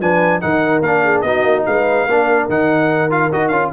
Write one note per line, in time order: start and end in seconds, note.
0.00 0.41 F3
0.00 0.41 D4
0.00 0.41 B4
0.00 0.41 G#5
0.41 0.81 D#3
0.41 0.83 D#4
0.41 1.04 A#4
0.41 0.82 F#5
0.81 1.22 A#3
0.81 1.26 D4
0.81 1.21 F5
1.04 1.24 G#4
1.21 1.44 B3
1.21 2.09 D#4
1.21 1.66 F#4
1.21 1.63 D#5
1.44 1.64 A#3
1.66 2.06 G#3
1.66 2.09 B4
1.66 2.49 F5
2.06 2.48 A#3
2.06 2.50 D4
2.06 3.73 A#4
2.48 3.31 D#3
2.48 3.10 D#4
2.48 3.11 F#5
3.10 3.31 F4
3.10 3.32 F5
3.32 3.51 D#4
3.32 3.52 F#4
3.32 3.48 D#5
3.48 3.71 C#4
3.48 3.73 F4
3.48 3.69 F5